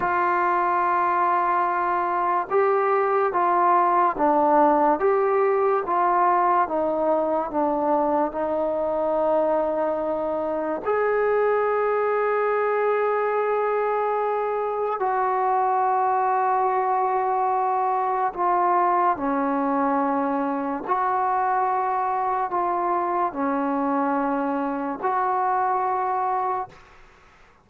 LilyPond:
\new Staff \with { instrumentName = "trombone" } { \time 4/4 \tempo 4 = 72 f'2. g'4 | f'4 d'4 g'4 f'4 | dis'4 d'4 dis'2~ | dis'4 gis'2.~ |
gis'2 fis'2~ | fis'2 f'4 cis'4~ | cis'4 fis'2 f'4 | cis'2 fis'2 | }